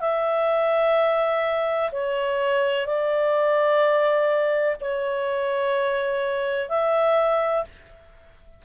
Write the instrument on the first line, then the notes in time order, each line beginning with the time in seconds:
clarinet
0.00 E5
1.91 C#5
2.86 D5
4.80 C#5
6.69 E5